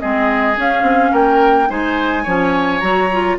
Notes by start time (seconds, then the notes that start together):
0.00 G#3 C4 G#4 D#5
0.55 C#4 F5
0.82 C4
1.12 A#3 A#4 G5
1.68 G#3 D#4 C5 G#5
2.23 F3 C#4 C#5
2.80 F#3 F#4 A#5
3.12 F4